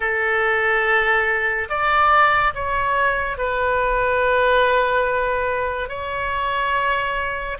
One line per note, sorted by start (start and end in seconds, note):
0.00 1.68 A4
1.69 2.54 D5
2.54 3.37 C#5
3.37 5.88 B4
5.88 7.57 C#5